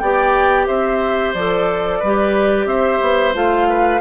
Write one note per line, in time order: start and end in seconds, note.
0.00 0.68 B3
0.00 1.37 G4
0.00 0.68 D5
0.00 0.67 G5
0.67 1.35 C4
0.67 1.99 C5
0.67 1.34 E5
1.34 2.01 F3
1.34 2.04 A4
1.34 2.68 D5
1.99 2.66 G3
1.99 3.34 G4
1.99 2.66 B4
2.66 2.99 C4
2.66 3.69 C5
2.66 3.34 E5
3.02 3.35 B3
3.34 4.02 A3
3.34 4.01 F4
3.34 4.02 F5
3.70 4.02 B4